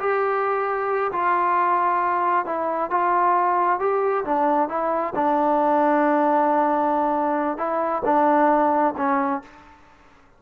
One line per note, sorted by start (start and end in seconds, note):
0.00 1.12 G4
1.12 2.46 F4
2.46 2.91 E4
2.91 3.80 F4
3.80 4.25 G4
4.25 4.70 D4
4.70 5.14 E4
5.16 7.58 D4
7.58 8.03 E4
8.05 8.95 D4
8.98 9.43 C#4